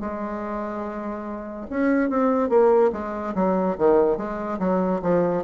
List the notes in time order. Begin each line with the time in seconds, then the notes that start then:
0.00 G#3
1.70 C#4
2.09 C4
2.49 A#3
2.92 G#3
3.35 F#3
3.78 D#3
4.17 G#3
4.59 F#3
5.02 F3